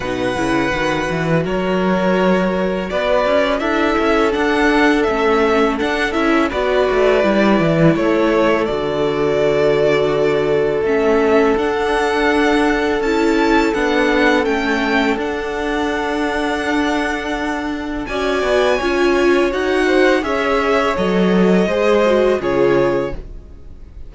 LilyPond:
<<
  \new Staff \with { instrumentName = "violin" } { \time 4/4 \tempo 4 = 83 fis''2 cis''2 | d''4 e''4 fis''4 e''4 | fis''8 e''8 d''2 cis''4 | d''2. e''4 |
fis''2 a''4 fis''4 | g''4 fis''2.~ | fis''4 gis''2 fis''4 | e''4 dis''2 cis''4 | }
  \new Staff \with { instrumentName = "violin" } { \time 4/4 b'2 ais'2 | b'4 a'2.~ | a'4 b'2 a'4~ | a'1~ |
a'1~ | a'1~ | a'4 d''4 cis''4. c''8 | cis''2 c''4 gis'4 | }
  \new Staff \with { instrumentName = "viola" } { \time 4/4 dis'8 e'8 fis'2.~ | fis'4 e'4 d'4 cis'4 | d'8 e'8 fis'4 e'2 | fis'2. cis'4 |
d'2 e'4 d'4 | cis'4 d'2.~ | d'4 fis'4 f'4 fis'4 | gis'4 a'4 gis'8 fis'8 f'4 | }
  \new Staff \with { instrumentName = "cello" } { \time 4/4 b,8 cis8 dis8 e8 fis2 | b8 cis'8 d'8 cis'8 d'4 a4 | d'8 cis'8 b8 a8 g8 e8 a4 | d2. a4 |
d'2 cis'4 b4 | a4 d'2.~ | d'4 cis'8 b8 cis'4 dis'4 | cis'4 fis4 gis4 cis4 | }
>>